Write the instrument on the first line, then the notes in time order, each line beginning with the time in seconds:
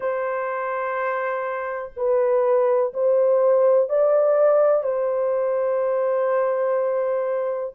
horn
0.00 C5
1.96 B4
2.93 C5
3.89 D5
4.83 C5